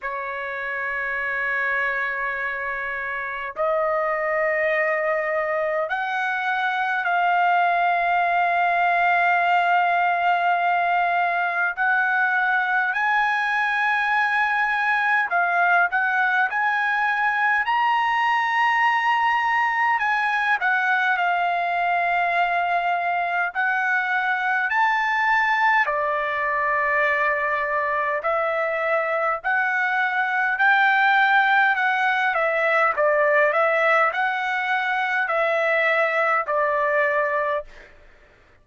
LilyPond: \new Staff \with { instrumentName = "trumpet" } { \time 4/4 \tempo 4 = 51 cis''2. dis''4~ | dis''4 fis''4 f''2~ | f''2 fis''4 gis''4~ | gis''4 f''8 fis''8 gis''4 ais''4~ |
ais''4 gis''8 fis''8 f''2 | fis''4 a''4 d''2 | e''4 fis''4 g''4 fis''8 e''8 | d''8 e''8 fis''4 e''4 d''4 | }